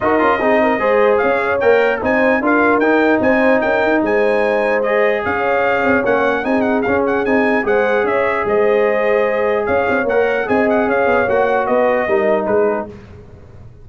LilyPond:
<<
  \new Staff \with { instrumentName = "trumpet" } { \time 4/4 \tempo 4 = 149 dis''2. f''4 | g''4 gis''4 f''4 g''4 | gis''4 g''4 gis''2 | dis''4 f''2 fis''4 |
gis''8 fis''8 f''8 fis''8 gis''4 fis''4 | e''4 dis''2. | f''4 fis''4 gis''8 fis''8 f''4 | fis''4 dis''2 b'4 | }
  \new Staff \with { instrumentName = "horn" } { \time 4/4 ais'4 gis'8 ais'8 c''4 cis''4~ | cis''4 c''4 ais'2 | c''4 ais'4 c''2~ | c''4 cis''2. |
gis'2. c''4 | cis''4 c''2. | cis''2 dis''4 cis''4~ | cis''4 b'4 ais'4 gis'4 | }
  \new Staff \with { instrumentName = "trombone" } { \time 4/4 fis'8 f'8 dis'4 gis'2 | ais'4 dis'4 f'4 dis'4~ | dis'1 | gis'2. cis'4 |
dis'4 cis'4 dis'4 gis'4~ | gis'1~ | gis'4 ais'4 gis'2 | fis'2 dis'2 | }
  \new Staff \with { instrumentName = "tuba" } { \time 4/4 dis'8 cis'8 c'4 gis4 cis'4 | ais4 c'4 d'4 dis'4 | c'4 cis'8 dis'8 gis2~ | gis4 cis'4. c'8 ais4 |
c'4 cis'4 c'4 gis4 | cis'4 gis2. | cis'8 c'8 ais4 c'4 cis'8 b8 | ais4 b4 g4 gis4 | }
>>